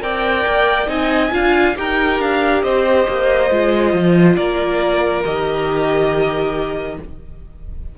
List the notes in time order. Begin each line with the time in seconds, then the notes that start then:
0.00 C4 A#4 D5 G5
0.46 A#3
0.86 C4 D#4 D#5 G#5
1.31 D4 F4 F5
1.75 D#4 G4 A#4 G5
2.19 D4 F5
2.62 C4 C5 D#5
3.08 A#3
3.50 G#3 F4
3.93 F3
4.35 A#3 A#4 D5
5.24 D#3 G4 D#5